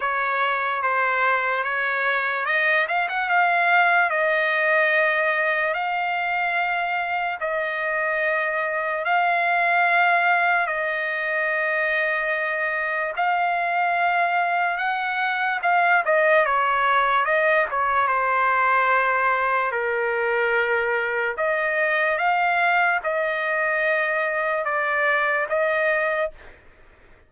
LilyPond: \new Staff \with { instrumentName = "trumpet" } { \time 4/4 \tempo 4 = 73 cis''4 c''4 cis''4 dis''8 f''16 fis''16 | f''4 dis''2 f''4~ | f''4 dis''2 f''4~ | f''4 dis''2. |
f''2 fis''4 f''8 dis''8 | cis''4 dis''8 cis''8 c''2 | ais'2 dis''4 f''4 | dis''2 d''4 dis''4 | }